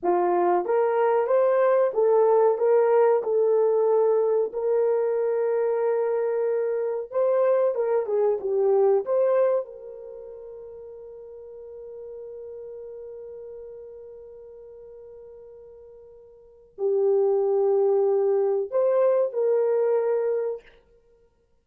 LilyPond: \new Staff \with { instrumentName = "horn" } { \time 4/4 \tempo 4 = 93 f'4 ais'4 c''4 a'4 | ais'4 a'2 ais'4~ | ais'2. c''4 | ais'8 gis'8 g'4 c''4 ais'4~ |
ais'1~ | ais'1~ | ais'2 g'2~ | g'4 c''4 ais'2 | }